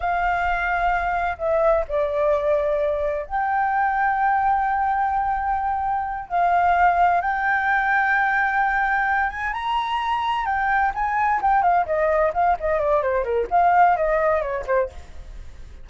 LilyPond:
\new Staff \with { instrumentName = "flute" } { \time 4/4 \tempo 4 = 129 f''2. e''4 | d''2. g''4~ | g''1~ | g''4. f''2 g''8~ |
g''1 | gis''8 ais''2 g''4 gis''8~ | gis''8 g''8 f''8 dis''4 f''8 dis''8 d''8 | c''8 ais'8 f''4 dis''4 cis''8 c''8 | }